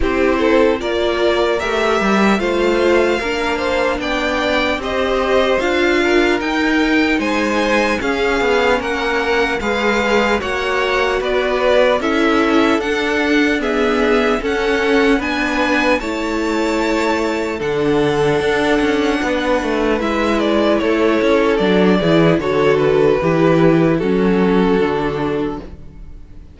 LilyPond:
<<
  \new Staff \with { instrumentName = "violin" } { \time 4/4 \tempo 4 = 75 c''4 d''4 e''4 f''4~ | f''4 g''4 dis''4 f''4 | g''4 gis''4 f''4 fis''4 | f''4 fis''4 d''4 e''4 |
fis''4 e''4 fis''4 gis''4 | a''2 fis''2~ | fis''4 e''8 d''8 cis''4 d''4 | cis''8 b'4. a'2 | }
  \new Staff \with { instrumentName = "violin" } { \time 4/4 g'8 a'8 ais'2 c''4 | ais'8 c''8 d''4 c''4. ais'8~ | ais'4 c''4 gis'4 ais'4 | b'4 cis''4 b'4 a'4~ |
a'4 gis'4 a'4 b'4 | cis''2 a'2 | b'2 a'4. gis'8 | a'4 g'4 fis'2 | }
  \new Staff \with { instrumentName = "viola" } { \time 4/4 e'4 f'4 g'4 f'4 | d'2 g'4 f'4 | dis'2 cis'2 | gis'4 fis'2 e'4 |
d'4 b4 cis'4 d'4 | e'2 d'2~ | d'4 e'2 d'8 e'8 | fis'4 e'4 cis'4 d'4 | }
  \new Staff \with { instrumentName = "cello" } { \time 4/4 c'4 ais4 a8 g8 a4 | ais4 b4 c'4 d'4 | dis'4 gis4 cis'8 b8 ais4 | gis4 ais4 b4 cis'4 |
d'2 cis'4 b4 | a2 d4 d'8 cis'8 | b8 a8 gis4 a8 cis'8 fis8 e8 | d4 e4 fis4 d4 | }
>>